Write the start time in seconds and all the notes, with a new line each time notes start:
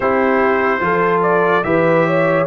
0.00 C4 E4 G4 C5
0.80 F3 F4 A4
1.22 D5
1.63 E3 G4 B4 E5
2.06 C#5